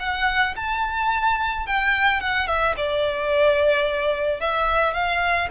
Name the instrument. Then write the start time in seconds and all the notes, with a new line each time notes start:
violin
0.00 F#5
0.57 A5
1.67 G5
2.21 F#5
2.47 E5
2.77 D5
4.41 E5
4.94 F5